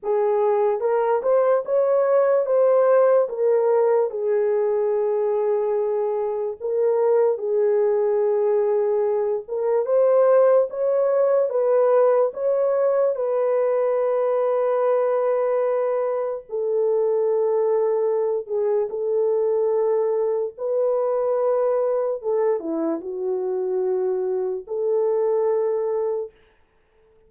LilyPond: \new Staff \with { instrumentName = "horn" } { \time 4/4 \tempo 4 = 73 gis'4 ais'8 c''8 cis''4 c''4 | ais'4 gis'2. | ais'4 gis'2~ gis'8 ais'8 | c''4 cis''4 b'4 cis''4 |
b'1 | a'2~ a'8 gis'8 a'4~ | a'4 b'2 a'8 e'8 | fis'2 a'2 | }